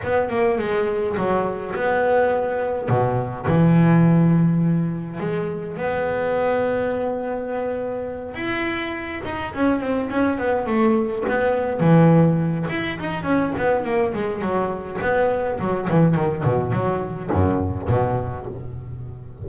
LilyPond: \new Staff \with { instrumentName = "double bass" } { \time 4/4 \tempo 4 = 104 b8 ais8 gis4 fis4 b4~ | b4 b,4 e2~ | e4 gis4 b2~ | b2~ b8 e'4. |
dis'8 cis'8 c'8 cis'8 b8 a4 b8~ | b8 e4. e'8 dis'8 cis'8 b8 | ais8 gis8 fis4 b4 fis8 e8 | dis8 b,8 fis4 fis,4 b,4 | }